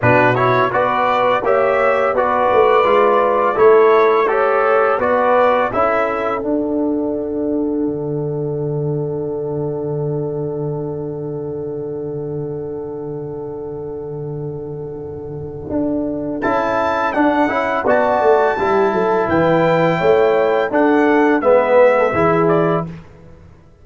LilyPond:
<<
  \new Staff \with { instrumentName = "trumpet" } { \time 4/4 \tempo 4 = 84 b'8 cis''8 d''4 e''4 d''4~ | d''4 cis''4 a'4 d''4 | e''4 fis''2.~ | fis''1~ |
fis''1~ | fis''2. a''4 | fis''4 a''2 g''4~ | g''4 fis''4 e''4. d''8 | }
  \new Staff \with { instrumentName = "horn" } { \time 4/4 fis'4 b'4 cis''4 b'4~ | b'4 a'4 cis''4 b'4 | a'1~ | a'1~ |
a'1~ | a'1~ | a'4 d''4 g'8 a'8 b'4 | cis''4 a'4 b'8. a'16 gis'4 | }
  \new Staff \with { instrumentName = "trombone" } { \time 4/4 d'8 e'8 fis'4 g'4 fis'4 | f'4 e'4 g'4 fis'4 | e'4 d'2.~ | d'1~ |
d'1~ | d'2. e'4 | d'8 e'8 fis'4 e'2~ | e'4 d'4 b4 e'4 | }
  \new Staff \with { instrumentName = "tuba" } { \time 4/4 b,4 b4 ais4 b8 a8 | gis4 a2 b4 | cis'4 d'2 d4~ | d1~ |
d1~ | d2 d'4 cis'4 | d'8 cis'8 b8 a8 g8 fis8 e4 | a4 d'4 gis4 e4 | }
>>